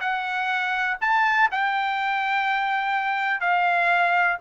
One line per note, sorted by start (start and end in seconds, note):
0.00 0.97 F#5
1.01 1.49 A5
1.51 3.40 G5
3.40 4.37 F5